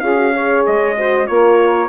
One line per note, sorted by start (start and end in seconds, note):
0.00 0.65 C#4
0.00 0.17 F4
0.00 0.34 G#4
0.00 0.63 F5
0.17 0.32 F#4
0.34 0.97 G#4
0.34 0.97 C#5
0.67 1.29 G#3
0.67 1.27 D#5
0.98 1.27 F#4
0.98 1.29 C5
1.27 1.89 A#3
1.27 1.89 F4
1.27 1.89 A#4
1.27 1.89 C#5